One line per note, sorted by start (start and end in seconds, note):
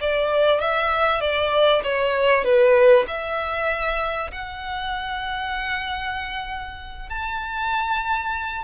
0.00 0.60 D5
0.60 1.20 E5
1.20 1.82 D5
1.83 2.44 C#5
2.44 3.06 B4
3.07 4.31 E5
4.31 7.09 F#5
7.09 8.64 A5